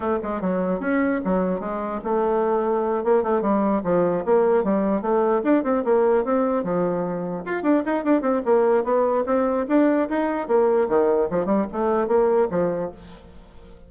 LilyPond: \new Staff \with { instrumentName = "bassoon" } { \time 4/4 \tempo 4 = 149 a8 gis8 fis4 cis'4 fis4 | gis4 a2~ a8 ais8 | a8 g4 f4 ais4 g8~ | g8 a4 d'8 c'8 ais4 c'8~ |
c'8 f2 f'8 d'8 dis'8 | d'8 c'8 ais4 b4 c'4 | d'4 dis'4 ais4 dis4 | f8 g8 a4 ais4 f4 | }